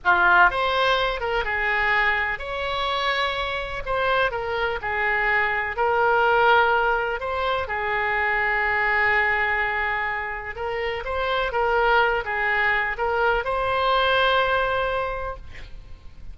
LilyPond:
\new Staff \with { instrumentName = "oboe" } { \time 4/4 \tempo 4 = 125 f'4 c''4. ais'8 gis'4~ | gis'4 cis''2. | c''4 ais'4 gis'2 | ais'2. c''4 |
gis'1~ | gis'2 ais'4 c''4 | ais'4. gis'4. ais'4 | c''1 | }